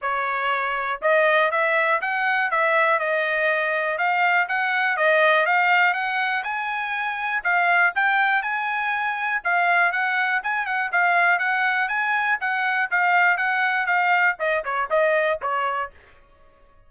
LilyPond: \new Staff \with { instrumentName = "trumpet" } { \time 4/4 \tempo 4 = 121 cis''2 dis''4 e''4 | fis''4 e''4 dis''2 | f''4 fis''4 dis''4 f''4 | fis''4 gis''2 f''4 |
g''4 gis''2 f''4 | fis''4 gis''8 fis''8 f''4 fis''4 | gis''4 fis''4 f''4 fis''4 | f''4 dis''8 cis''8 dis''4 cis''4 | }